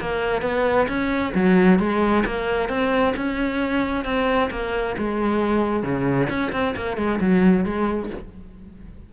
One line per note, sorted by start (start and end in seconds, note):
0.00 0.42 A#3
0.42 0.87 B3
0.88 1.33 C#4
1.35 1.79 F#3
1.79 2.24 G#3
2.25 2.69 A#3
2.69 3.14 C4
3.16 4.05 C#4
4.05 4.50 C4
4.50 4.95 A#3
4.97 5.83 G#3
5.83 6.28 C#3
6.29 6.52 C#4
6.52 6.75 C4
6.76 6.97 A#3
6.97 7.19 G#3
7.20 7.65 F#3
7.65 8.10 G#3